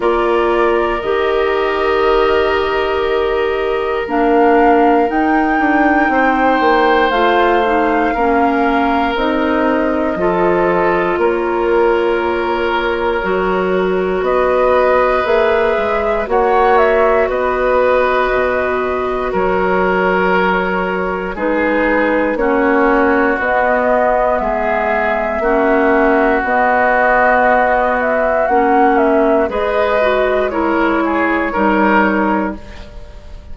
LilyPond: <<
  \new Staff \with { instrumentName = "flute" } { \time 4/4 \tempo 4 = 59 d''4 dis''2. | f''4 g''2 f''4~ | f''4 dis''2 cis''4~ | cis''2 dis''4 e''4 |
fis''8 e''8 dis''2 cis''4~ | cis''4 b'4 cis''4 dis''4 | e''2 dis''4. e''8 | fis''8 e''8 dis''4 cis''2 | }
  \new Staff \with { instrumentName = "oboe" } { \time 4/4 ais'1~ | ais'2 c''2 | ais'2 a'4 ais'4~ | ais'2 b'2 |
cis''4 b'2 ais'4~ | ais'4 gis'4 fis'2 | gis'4 fis'2.~ | fis'4 b'4 ais'8 gis'8 ais'4 | }
  \new Staff \with { instrumentName = "clarinet" } { \time 4/4 f'4 g'2. | d'4 dis'2 f'8 dis'8 | cis'4 dis'4 f'2~ | f'4 fis'2 gis'4 |
fis'1~ | fis'4 dis'4 cis'4 b4~ | b4 cis'4 b2 | cis'4 gis'8 fis'8 e'4 dis'4 | }
  \new Staff \with { instrumentName = "bassoon" } { \time 4/4 ais4 dis2. | ais4 dis'8 d'8 c'8 ais8 a4 | ais4 c'4 f4 ais4~ | ais4 fis4 b4 ais8 gis8 |
ais4 b4 b,4 fis4~ | fis4 gis4 ais4 b4 | gis4 ais4 b2 | ais4 gis2 g4 | }
>>